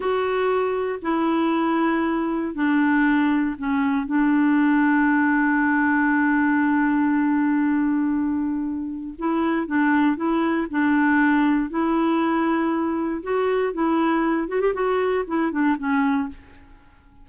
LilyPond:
\new Staff \with { instrumentName = "clarinet" } { \time 4/4 \tempo 4 = 118 fis'2 e'2~ | e'4 d'2 cis'4 | d'1~ | d'1~ |
d'2 e'4 d'4 | e'4 d'2 e'4~ | e'2 fis'4 e'4~ | e'8 fis'16 g'16 fis'4 e'8 d'8 cis'4 | }